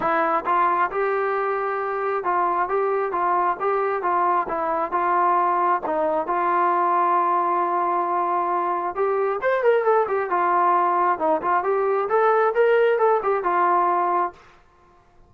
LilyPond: \new Staff \with { instrumentName = "trombone" } { \time 4/4 \tempo 4 = 134 e'4 f'4 g'2~ | g'4 f'4 g'4 f'4 | g'4 f'4 e'4 f'4~ | f'4 dis'4 f'2~ |
f'1 | g'4 c''8 ais'8 a'8 g'8 f'4~ | f'4 dis'8 f'8 g'4 a'4 | ais'4 a'8 g'8 f'2 | }